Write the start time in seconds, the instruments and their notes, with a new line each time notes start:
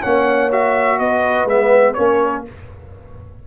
0.00 tuba A#3, trombone C#4, horn C#5, trumpet F#5
0.51 trombone F#4, trumpet E5
0.98 tuba B3, horn B4, trumpet D#5
1.45 tuba G#3, trombone B3, trumpet E5
1.93 tuba A#3, trombone C#4, horn A#4, trumpet C#5